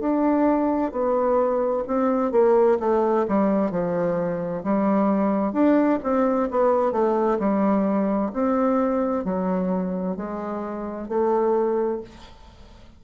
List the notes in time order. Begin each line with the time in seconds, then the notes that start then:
0.00 D4
0.92 B3
1.88 C4
2.32 A#3
2.80 A3
3.28 G3
3.71 F3
4.64 G3
5.53 D4
6.03 C4
6.51 B3
6.92 A3
7.39 G3
8.33 C4
9.25 F#3
10.17 G#3
11.09 A3